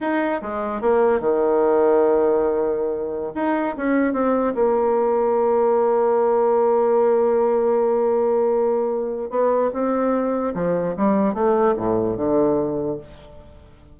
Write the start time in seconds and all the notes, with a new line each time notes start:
0.00 D#4
0.41 G#3
0.81 A#3
1.19 D#3
3.34 D#4
3.77 C#4
4.13 C4
4.54 A#3
9.29 B3
9.73 C4
10.54 F3
10.96 G3
11.34 A3
11.76 A2
12.16 D3